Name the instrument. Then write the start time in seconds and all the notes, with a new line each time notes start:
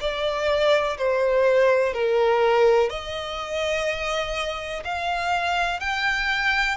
violin
0.00 D5
0.97 C5
1.94 A#4
2.89 D#5
4.84 F5
5.80 G5